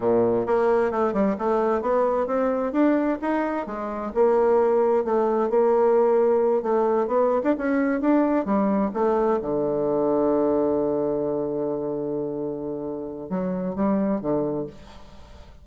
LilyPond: \new Staff \with { instrumentName = "bassoon" } { \time 4/4 \tempo 4 = 131 ais,4 ais4 a8 g8 a4 | b4 c'4 d'4 dis'4 | gis4 ais2 a4 | ais2~ ais8 a4 b8~ |
b16 d'16 cis'4 d'4 g4 a8~ | a8 d2.~ d8~ | d1~ | d4 fis4 g4 d4 | }